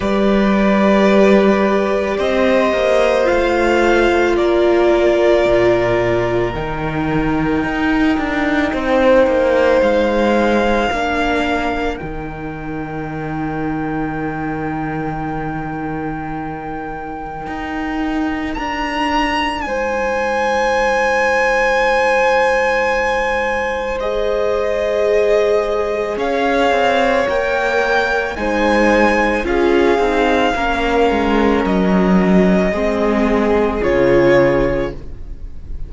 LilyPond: <<
  \new Staff \with { instrumentName = "violin" } { \time 4/4 \tempo 4 = 55 d''2 dis''4 f''4 | d''2 g''2~ | g''4 f''2 g''4~ | g''1~ |
g''4 ais''4 gis''2~ | gis''2 dis''2 | f''4 g''4 gis''4 f''4~ | f''4 dis''2 cis''4 | }
  \new Staff \with { instrumentName = "violin" } { \time 4/4 b'2 c''2 | ais'1 | c''2 ais'2~ | ais'1~ |
ais'2 c''2~ | c''1 | cis''2 c''4 gis'4 | ais'2 gis'2 | }
  \new Staff \with { instrumentName = "viola" } { \time 4/4 g'2. f'4~ | f'2 dis'2~ | dis'2 d'4 dis'4~ | dis'1~ |
dis'1~ | dis'2 gis'2~ | gis'4 ais'4 dis'4 f'8 dis'8 | cis'2 c'4 f'4 | }
  \new Staff \with { instrumentName = "cello" } { \time 4/4 g2 c'8 ais8 a4 | ais4 ais,4 dis4 dis'8 d'8 | c'8 ais8 gis4 ais4 dis4~ | dis1 |
dis'4 d'4 gis2~ | gis1 | cis'8 c'8 ais4 gis4 cis'8 c'8 | ais8 gis8 fis4 gis4 cis4 | }
>>